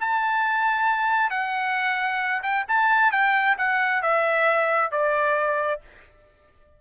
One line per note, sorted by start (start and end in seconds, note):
0.00 1.30 A5
1.30 2.42 F#5
2.43 2.65 G5
2.68 3.12 A5
3.12 3.56 G5
3.57 4.02 F#5
4.02 4.91 E5
4.91 5.81 D5